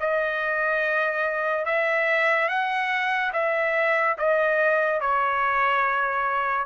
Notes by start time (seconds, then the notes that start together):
0.00 D#5
1.65 E5
2.48 F#5
3.33 E5
4.18 D#5
5.00 C#5